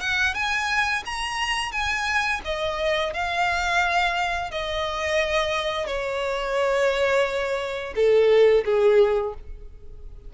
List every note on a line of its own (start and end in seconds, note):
0.00 0.34 F#5
0.34 1.03 G#5
1.06 1.72 A#5
1.72 2.41 G#5
2.45 3.13 D#5
3.13 4.51 F5
4.51 5.87 D#5
5.87 7.94 C#5
7.95 8.64 A4
8.65 9.34 G#4